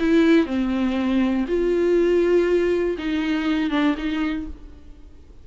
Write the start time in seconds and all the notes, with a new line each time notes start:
0.00 E4
0.46 C4
1.49 F4
2.98 D#4
3.71 D4
3.98 D#4